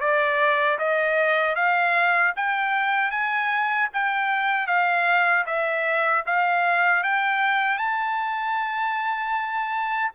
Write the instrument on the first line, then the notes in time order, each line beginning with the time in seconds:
trumpet
0.00 D5
0.79 D#5
1.55 F5
2.36 G5
3.11 G#5
3.93 G5
4.67 F5
5.46 E5
6.26 F5
7.03 G5
7.78 A5